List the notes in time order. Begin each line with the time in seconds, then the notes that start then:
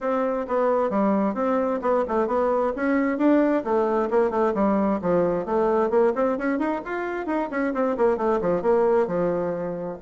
0.00 C4
0.47 B3
0.90 G3
1.34 C4
1.81 B3
2.08 A3
2.27 B3
2.76 C#4
3.18 D4
3.64 A3
4.10 A#3
4.30 A3
4.54 G3
5.01 F3
5.45 A3
5.90 A#3
6.15 C4
6.37 C#4
6.58 D#4
6.85 F4
7.26 D#4
7.51 C#4
7.74 C4
7.97 A#3
8.17 A3
8.41 F3
8.62 A#3
9.07 F3